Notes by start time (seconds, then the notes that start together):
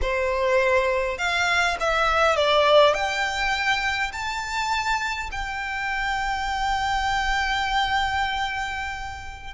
0.01 C5
1.18 F5
1.79 E5
2.36 D5
2.94 G5
4.12 A5
5.31 G5